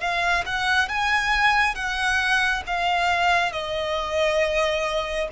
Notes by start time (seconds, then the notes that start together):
0.00 F5
0.46 F#5
0.89 G#5
1.75 F#5
2.67 F5
3.52 D#5